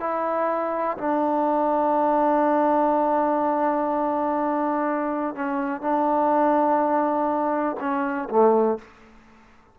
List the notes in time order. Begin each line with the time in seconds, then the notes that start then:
0.00 E4
0.98 D4
5.35 C#4
5.81 D4
7.80 C#4
8.30 A3